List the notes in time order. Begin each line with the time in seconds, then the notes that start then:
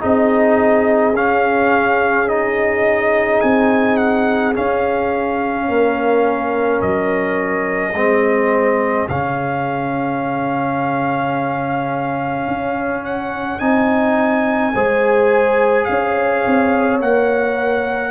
0.00 C4 D#4 G#4 D#5
1.14 C#4 F5
2.28 D#4 D#5
3.41 C4 G#5
3.97 F#5
4.54 C#4 F5
5.68 A#3 A#4
6.81 F#3 D#5
7.94 G#3 C4 G#4
9.09 C#3 C#4 F5
12.47 C#4
13.05 F#5
13.59 C4 D#4 G#5
14.74 G#3 G#4 C5
15.85 C#4 C#5 F5
16.46 C4
17.01 A#3 A#4 F#5